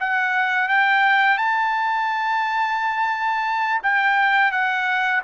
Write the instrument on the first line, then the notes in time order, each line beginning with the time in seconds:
trumpet
0.00 F#5
0.68 G5
1.37 A5
3.82 G5
4.52 F#5